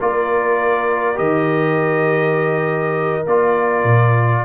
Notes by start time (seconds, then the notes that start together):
0.00 A#3 F4 A#4 D5
1.15 D#3 G4 D#5
3.26 A#3 F4 D5
3.84 A#2